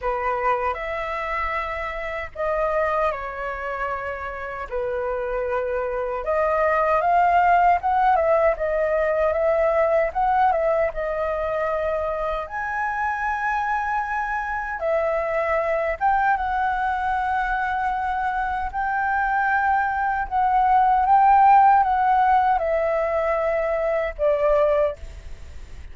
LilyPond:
\new Staff \with { instrumentName = "flute" } { \time 4/4 \tempo 4 = 77 b'4 e''2 dis''4 | cis''2 b'2 | dis''4 f''4 fis''8 e''8 dis''4 | e''4 fis''8 e''8 dis''2 |
gis''2. e''4~ | e''8 g''8 fis''2. | g''2 fis''4 g''4 | fis''4 e''2 d''4 | }